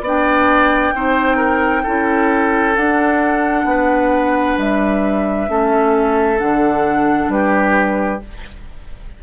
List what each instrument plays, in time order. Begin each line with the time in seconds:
0.00 bassoon B3, clarinet D4, oboe D5
0.07 flute G5
0.94 bassoon C4, clarinet D#4, oboe C5
1.36 oboe A#4
1.83 bassoon C#4, clarinet E4, oboe A4
2.76 clarinet D4, bassoon D4, flute F#5
3.64 bassoon B3, oboe B4
4.57 bassoon G3, flute E5
5.48 bassoon A3, clarinet C#4, oboe A4
6.37 bassoon D3, clarinet D4, flute F#5
7.28 bassoon G3, oboe G4, flute B4